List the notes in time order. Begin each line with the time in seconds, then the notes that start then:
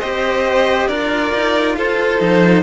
0.00 C4 G4 C5 D#5
0.87 D4 F4 A#4 D5
1.35 D#4
1.78 F4 A4 C5
2.20 F3 D#4